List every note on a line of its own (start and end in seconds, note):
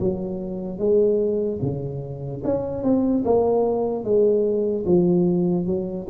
0.00 0.79 F#3
0.79 1.60 G#3
1.62 2.43 C#3
2.45 2.84 C#4
2.84 3.24 C4
3.25 4.05 A#3
4.05 4.86 G#3
4.86 5.67 F3
5.67 6.07 F#3